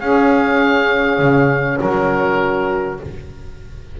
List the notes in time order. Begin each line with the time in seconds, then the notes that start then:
0.00 C#4 G#4 F5
1.18 C#3
1.78 F#3 F#4 A#4